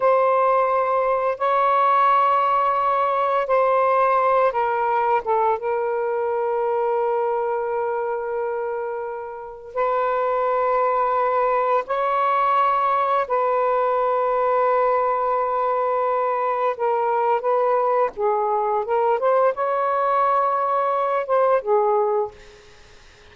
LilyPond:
\new Staff \with { instrumentName = "saxophone" } { \time 4/4 \tempo 4 = 86 c''2 cis''2~ | cis''4 c''4. ais'4 a'8 | ais'1~ | ais'2 b'2~ |
b'4 cis''2 b'4~ | b'1 | ais'4 b'4 gis'4 ais'8 c''8 | cis''2~ cis''8 c''8 gis'4 | }